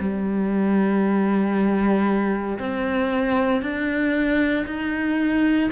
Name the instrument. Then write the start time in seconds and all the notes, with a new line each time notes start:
cello
0.00 G3
2.59 C4
3.62 D4
4.66 D#4